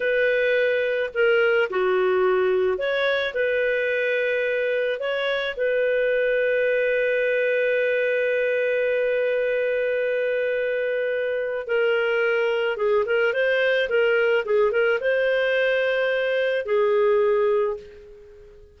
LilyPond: \new Staff \with { instrumentName = "clarinet" } { \time 4/4 \tempo 4 = 108 b'2 ais'4 fis'4~ | fis'4 cis''4 b'2~ | b'4 cis''4 b'2~ | b'1~ |
b'1~ | b'4 ais'2 gis'8 ais'8 | c''4 ais'4 gis'8 ais'8 c''4~ | c''2 gis'2 | }